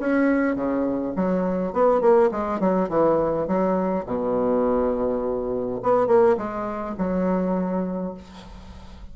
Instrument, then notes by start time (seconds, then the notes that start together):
bassoon
0.00 C#4
0.56 C#3
1.17 F#3
1.73 B3
2.01 A#3
2.32 G#3
2.60 F#3
2.90 E3
3.48 F#3
4.06 B2
5.83 B3
6.07 A#3
6.38 G#3
6.98 F#3